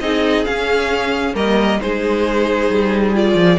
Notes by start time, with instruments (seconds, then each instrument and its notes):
0.00 cello C4, viola D#4, violin G#4 D#5
0.45 viola C#4, cello C#4, violin F5
1.34 cello G3, viola A#3, violin A#4 D#5
1.80 cello G#3, viola D#4, violin G#4 C5
2.69 cello G3
3.14 viola F4, violin D5
3.34 cello F3